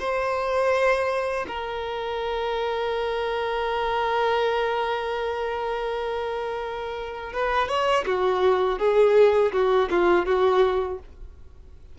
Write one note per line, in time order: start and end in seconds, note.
0.00 1.46 C5
1.48 7.33 A#4
7.33 7.69 B4
7.69 8.05 C#5
8.06 8.79 F#4
8.79 9.53 G#4
9.53 9.89 F#4
9.91 10.26 F4
10.26 10.99 F#4